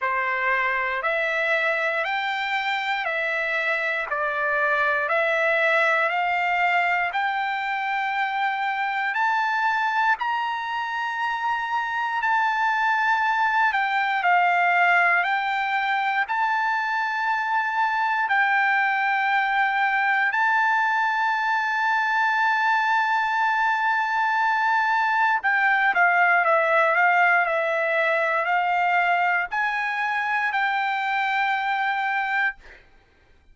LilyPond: \new Staff \with { instrumentName = "trumpet" } { \time 4/4 \tempo 4 = 59 c''4 e''4 g''4 e''4 | d''4 e''4 f''4 g''4~ | g''4 a''4 ais''2 | a''4. g''8 f''4 g''4 |
a''2 g''2 | a''1~ | a''4 g''8 f''8 e''8 f''8 e''4 | f''4 gis''4 g''2 | }